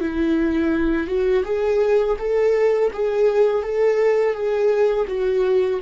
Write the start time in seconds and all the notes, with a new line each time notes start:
0.00 E4
1.07 F#4
1.44 G#4
2.19 A4
2.93 G#4
3.62 A4
4.33 G#4
5.07 F#4